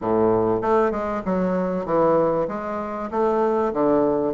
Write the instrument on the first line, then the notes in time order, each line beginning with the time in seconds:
bassoon
0.01 A2
0.61 A3
0.91 G#3
1.25 F#3
1.85 E3
2.48 G#3
3.11 A3
3.73 D3